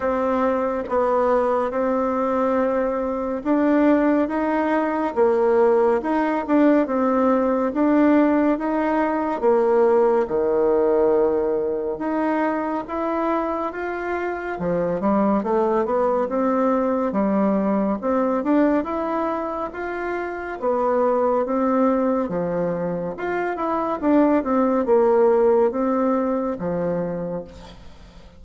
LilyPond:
\new Staff \with { instrumentName = "bassoon" } { \time 4/4 \tempo 4 = 70 c'4 b4 c'2 | d'4 dis'4 ais4 dis'8 d'8 | c'4 d'4 dis'4 ais4 | dis2 dis'4 e'4 |
f'4 f8 g8 a8 b8 c'4 | g4 c'8 d'8 e'4 f'4 | b4 c'4 f4 f'8 e'8 | d'8 c'8 ais4 c'4 f4 | }